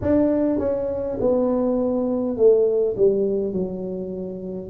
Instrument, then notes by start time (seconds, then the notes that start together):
tuba
0.01 D4
0.59 C#4
1.20 B3
2.36 A3
2.96 G3
3.52 F#3